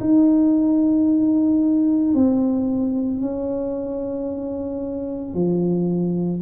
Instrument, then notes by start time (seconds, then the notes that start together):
tuba
0.00 D#4
2.15 C4
3.21 C#4
5.34 F3